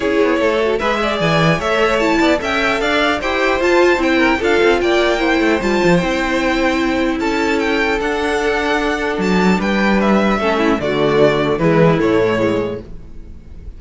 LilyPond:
<<
  \new Staff \with { instrumentName = "violin" } { \time 4/4 \tempo 4 = 150 cis''2 e''4 gis''4 | e''4 a''4 g''4 f''4 | g''4 a''4 g''4 f''4 | g''2 a''4 g''4~ |
g''2 a''4 g''4 | fis''2. a''4 | g''4 e''2 d''4~ | d''4 b'4 cis''2 | }
  \new Staff \with { instrumentName = "violin" } { \time 4/4 gis'4 a'4 b'8 d''4. | cis''4. d''8 e''4 d''4 | c''2~ c''8 ais'8 a'4 | d''4 c''2.~ |
c''2 a'2~ | a'1 | b'2 a'8 e'8 fis'4~ | fis'4 e'2. | }
  \new Staff \with { instrumentName = "viola" } { \time 4/4 e'4. fis'8 gis'2 | a'4 e'4 a'2 | g'4 f'4 e'4 f'4~ | f'4 e'4 f'4 e'4~ |
e'1 | d'1~ | d'2 cis'4 a4~ | a4 gis4 a4 gis4 | }
  \new Staff \with { instrumentName = "cello" } { \time 4/4 cis'8 b8 a4 gis4 e4 | a4. b8 cis'4 d'4 | e'4 f'4 c'4 d'8 c'8 | ais4. a8 g8 f8 c'4~ |
c'2 cis'2 | d'2. fis4 | g2 a4 d4~ | d4 e4 a,2 | }
>>